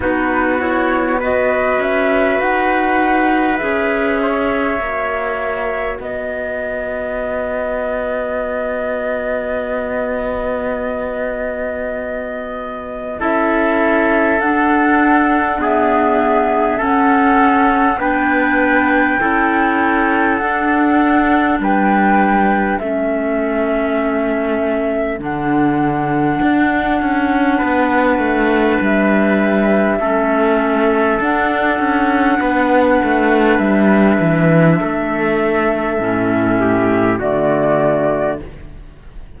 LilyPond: <<
  \new Staff \with { instrumentName = "flute" } { \time 4/4 \tempo 4 = 50 b'8 cis''8 dis''8 e''8 fis''4 e''4~ | e''4 dis''2.~ | dis''2. e''4 | fis''4 e''4 fis''4 g''4~ |
g''4 fis''4 g''4 e''4~ | e''4 fis''2. | e''2 fis''2 | e''2. d''4 | }
  \new Staff \with { instrumentName = "trumpet" } { \time 4/4 fis'4 b'2~ b'8 cis''8~ | cis''4 b'2.~ | b'2. a'4~ | a'4 gis'4 a'4 b'4 |
a'2 b'4 a'4~ | a'2. b'4~ | b'4 a'2 b'4~ | b'4 a'4. g'8 fis'4 | }
  \new Staff \with { instrumentName = "clarinet" } { \time 4/4 dis'8 e'8 fis'2 gis'4 | fis'1~ | fis'2. e'4 | d'4 b4 cis'4 d'4 |
e'4 d'2 cis'4~ | cis'4 d'2.~ | d'4 cis'4 d'2~ | d'2 cis'4 a4 | }
  \new Staff \with { instrumentName = "cello" } { \time 4/4 b4. cis'8 dis'4 cis'4 | ais4 b2.~ | b2. cis'4 | d'2 cis'4 b4 |
cis'4 d'4 g4 a4~ | a4 d4 d'8 cis'8 b8 a8 | g4 a4 d'8 cis'8 b8 a8 | g8 e8 a4 a,4 d4 | }
>>